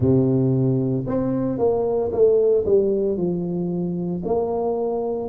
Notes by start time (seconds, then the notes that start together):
0.00 C3
1.07 C4
1.58 A#3
2.11 A3
2.66 G3
3.17 F3
4.24 A#3